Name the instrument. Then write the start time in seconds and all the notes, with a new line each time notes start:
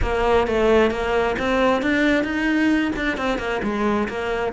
cello
0.02 A#3
0.47 A3
0.90 A#3
1.38 C4
1.82 D4
2.24 D#4
2.95 D4
3.17 C4
3.38 A#3
3.63 G#3
4.08 A#3